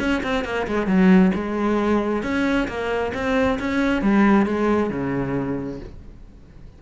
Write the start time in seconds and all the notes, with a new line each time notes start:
0.00 C#4
0.23 C4
0.45 A#3
0.68 G#3
0.87 F#3
1.35 G#3
2.23 C#4
2.68 A#3
3.15 C4
3.60 C#4
4.03 G3
4.47 G#3
4.91 C#3